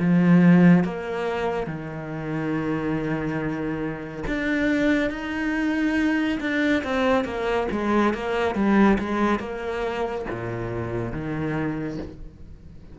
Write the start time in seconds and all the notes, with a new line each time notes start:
0.00 F3
0.84 A#3
1.67 D#3
4.27 D4
5.11 D#4
6.41 D4
6.84 C4
7.25 A#3
7.71 G#3
8.14 A#3
8.55 G3
8.99 G#3
9.40 A#3
10.31 A#2
11.13 D#3